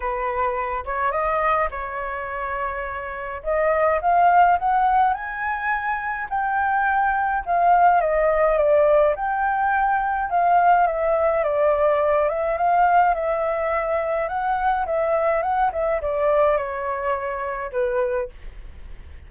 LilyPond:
\new Staff \with { instrumentName = "flute" } { \time 4/4 \tempo 4 = 105 b'4. cis''8 dis''4 cis''4~ | cis''2 dis''4 f''4 | fis''4 gis''2 g''4~ | g''4 f''4 dis''4 d''4 |
g''2 f''4 e''4 | d''4. e''8 f''4 e''4~ | e''4 fis''4 e''4 fis''8 e''8 | d''4 cis''2 b'4 | }